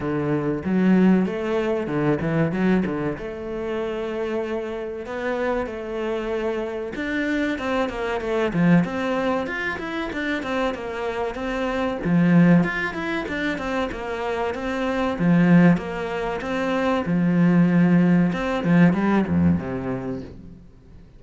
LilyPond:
\new Staff \with { instrumentName = "cello" } { \time 4/4 \tempo 4 = 95 d4 fis4 a4 d8 e8 | fis8 d8 a2. | b4 a2 d'4 | c'8 ais8 a8 f8 c'4 f'8 e'8 |
d'8 c'8 ais4 c'4 f4 | f'8 e'8 d'8 c'8 ais4 c'4 | f4 ais4 c'4 f4~ | f4 c'8 f8 g8 f,8 c4 | }